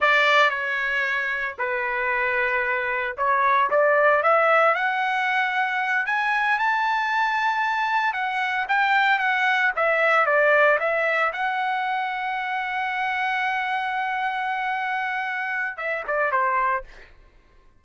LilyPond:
\new Staff \with { instrumentName = "trumpet" } { \time 4/4 \tempo 4 = 114 d''4 cis''2 b'4~ | b'2 cis''4 d''4 | e''4 fis''2~ fis''8 gis''8~ | gis''8 a''2. fis''8~ |
fis''8 g''4 fis''4 e''4 d''8~ | d''8 e''4 fis''2~ fis''8~ | fis''1~ | fis''2 e''8 d''8 c''4 | }